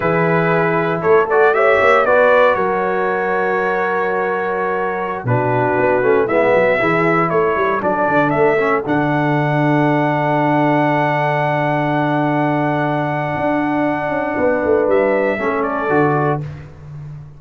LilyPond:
<<
  \new Staff \with { instrumentName = "trumpet" } { \time 4/4 \tempo 4 = 117 b'2 cis''8 d''8 e''4 | d''4 cis''2.~ | cis''2~ cis''16 b'4.~ b'16~ | b'16 e''2 cis''4 d''8.~ |
d''16 e''4 fis''2~ fis''8.~ | fis''1~ | fis''1~ | fis''4 e''4. d''4. | }
  \new Staff \with { instrumentName = "horn" } { \time 4/4 gis'2 a'4 cis''4 | b'4 ais'2.~ | ais'2~ ais'16 fis'4.~ fis'16~ | fis'16 e'8 fis'8 gis'4 a'4.~ a'16~ |
a'1~ | a'1~ | a'1 | b'2 a'2 | }
  \new Staff \with { instrumentName = "trombone" } { \time 4/4 e'2~ e'8 fis'8 g'4 | fis'1~ | fis'2~ fis'16 d'4. cis'16~ | cis'16 b4 e'2 d'8.~ |
d'8. cis'8 d'2~ d'8.~ | d'1~ | d'1~ | d'2 cis'4 fis'4 | }
  \new Staff \with { instrumentName = "tuba" } { \time 4/4 e2 a4. ais8 | b4 fis2.~ | fis2~ fis16 b,4 b8 a16~ | a16 gis8 fis8 e4 a8 g8 fis8 d16~ |
d16 a4 d2~ d8.~ | d1~ | d2 d'4. cis'8 | b8 a8 g4 a4 d4 | }
>>